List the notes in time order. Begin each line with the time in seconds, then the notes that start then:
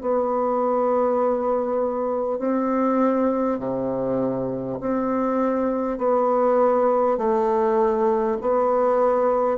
0.00 B3
2.38 C4
3.58 C3
4.80 C4
5.98 B3
7.17 A3
8.41 B3